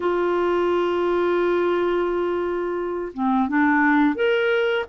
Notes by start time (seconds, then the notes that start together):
0.00 F4
3.13 C4
3.48 D4
4.15 A#4